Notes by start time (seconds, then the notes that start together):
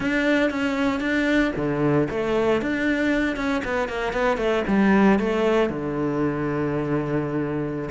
0.00 D4
0.50 C#4
1.00 D4
1.56 D3
2.09 A3
2.61 D4
3.36 C#4
3.64 B3
3.88 A#3
4.12 B3
4.37 A3
4.67 G3
5.19 A3
5.69 D3